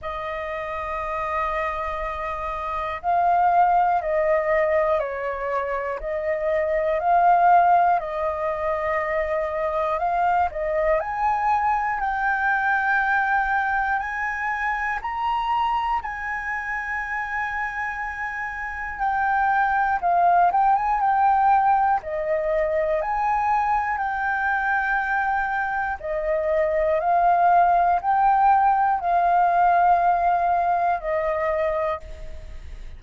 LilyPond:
\new Staff \with { instrumentName = "flute" } { \time 4/4 \tempo 4 = 60 dis''2. f''4 | dis''4 cis''4 dis''4 f''4 | dis''2 f''8 dis''8 gis''4 | g''2 gis''4 ais''4 |
gis''2. g''4 | f''8 g''16 gis''16 g''4 dis''4 gis''4 | g''2 dis''4 f''4 | g''4 f''2 dis''4 | }